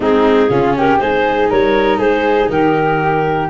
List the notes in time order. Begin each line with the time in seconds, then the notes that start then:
0.00 G#3 C4 D#4 G#4
0.49 C#3 C#4 F4
0.76 G4 A#4
0.99 G#3 D#4 G#4 C5
1.49 G3 A#4 C#5
1.98 G#3 G#4 C5
2.49 D#3 G4 A#4